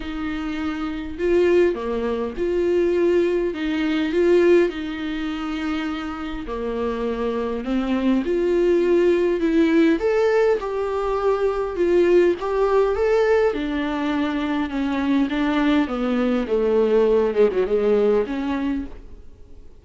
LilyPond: \new Staff \with { instrumentName = "viola" } { \time 4/4 \tempo 4 = 102 dis'2 f'4 ais4 | f'2 dis'4 f'4 | dis'2. ais4~ | ais4 c'4 f'2 |
e'4 a'4 g'2 | f'4 g'4 a'4 d'4~ | d'4 cis'4 d'4 b4 | a4. gis16 fis16 gis4 cis'4 | }